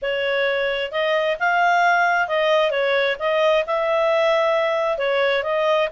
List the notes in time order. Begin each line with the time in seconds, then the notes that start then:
0.02 C#5
0.91 D#5
1.39 F5
2.27 D#5
2.70 C#5
3.19 D#5
3.66 E5
4.98 C#5
5.43 D#5